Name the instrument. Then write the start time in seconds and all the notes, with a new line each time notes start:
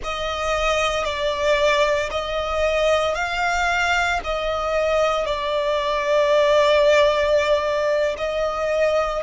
violin
0.03 D#5
1.04 D5
2.11 D#5
3.14 F5
4.23 D#5
5.25 D5
8.17 D#5